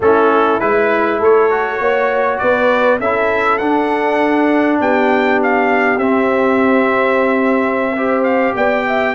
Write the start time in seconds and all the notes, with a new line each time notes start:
0.00 A3 C#4 E4 A4
0.59 G#3 E4 B4
1.19 A3 A4 C#5
1.50 F#4
1.80 A#3 C#5
2.38 B3 B4 D5
3.00 C#4 E4 A4 E5
3.58 D4 F#5
4.80 B3 G4 G5
5.42 F5
5.97 C4 E5
7.95 G4 C5
8.23 F5
8.54 B3 D5 G5
8.87 E5